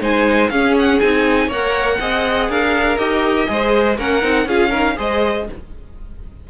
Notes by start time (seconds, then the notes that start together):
0.00 G#3 D#4 C5 G#5
0.49 C#4 G#4 F5
0.78 F#5
1.00 C4 D#4 G#5
1.47 A#3 A#4 C#5 F#5
1.99 C4 G#4 D#5
2.49 D4 A#4 F5
2.97 D#4 G4 D#5
3.47 G#3 G#4 C5
3.97 A#3 C#4 A#4 F#5
4.21 C4 D#4
4.45 C#4 F4 G#4 F5
4.70 D#3 A#4
4.96 G#3 G#4 C5 D#5